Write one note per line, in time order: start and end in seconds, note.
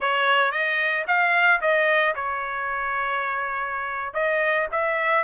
0.00 0.51 C#5
0.51 1.05 D#5
1.07 1.60 F5
1.61 2.14 D#5
2.15 4.13 C#5
4.13 4.67 D#5
4.71 5.24 E5